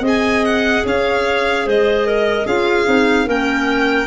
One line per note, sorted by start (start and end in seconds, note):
0.00 0.81 C4
0.00 2.46 G#4
0.00 0.83 D#5
0.07 0.45 G#5
0.45 0.85 F#5
0.85 1.66 C#4
0.85 1.66 C#5
0.85 1.68 F5
1.66 2.45 G#3
1.66 2.06 C5
1.66 2.47 D#5
2.06 2.45 A#4
2.45 2.86 C#4
2.45 2.85 F4
2.45 3.26 G#4
2.45 3.28 F5
2.85 3.26 C4
2.85 3.26 D#4
3.26 4.06 A#3
3.26 4.06 C#4
3.26 4.06 A#4
3.26 4.06 G5